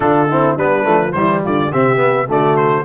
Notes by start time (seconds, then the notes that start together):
0.00 D3 D4 F4 A4
0.28 C4 E4
0.56 G3 B3 D4 B4
0.83 F3 A3
1.12 E3 G3 E4 C5
1.42 D3 F4 D5
1.72 C3 C4 G4 E5
1.96 B3
2.27 D3 A3 F#4 D5
2.56 C5